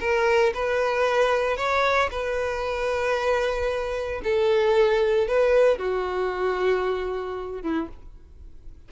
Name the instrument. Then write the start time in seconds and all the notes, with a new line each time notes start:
violin
0.00 A#4
0.54 B4
1.57 C#5
2.11 B4
4.24 A4
5.28 B4
5.78 F#4
7.62 E4